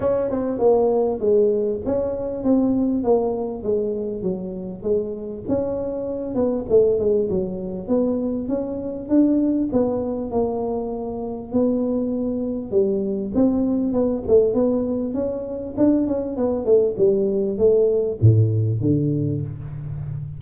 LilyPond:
\new Staff \with { instrumentName = "tuba" } { \time 4/4 \tempo 4 = 99 cis'8 c'8 ais4 gis4 cis'4 | c'4 ais4 gis4 fis4 | gis4 cis'4. b8 a8 gis8 | fis4 b4 cis'4 d'4 |
b4 ais2 b4~ | b4 g4 c'4 b8 a8 | b4 cis'4 d'8 cis'8 b8 a8 | g4 a4 a,4 d4 | }